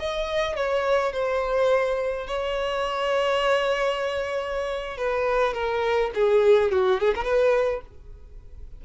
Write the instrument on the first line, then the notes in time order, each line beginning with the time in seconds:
violin
0.00 D#5
0.56 C#5
1.13 C5
2.28 C#5
4.98 B4
5.54 A#4
6.15 G#4
6.72 F#4
7.00 G#4
7.16 A#4
7.24 B4